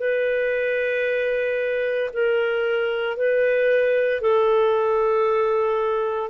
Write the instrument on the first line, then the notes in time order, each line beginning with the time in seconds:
clarinet
0.00 B4
2.13 A#4
3.17 B4
4.22 A4